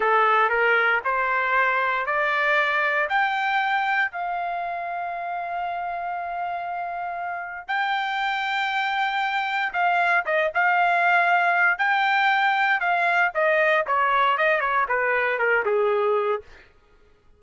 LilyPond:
\new Staff \with { instrumentName = "trumpet" } { \time 4/4 \tempo 4 = 117 a'4 ais'4 c''2 | d''2 g''2 | f''1~ | f''2. g''4~ |
g''2. f''4 | dis''8 f''2~ f''8 g''4~ | g''4 f''4 dis''4 cis''4 | dis''8 cis''8 b'4 ais'8 gis'4. | }